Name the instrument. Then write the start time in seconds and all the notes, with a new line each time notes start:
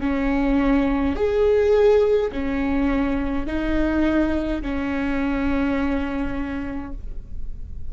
viola
0.00 C#4
1.15 G#4
2.31 C#4
3.46 D#4
4.62 C#4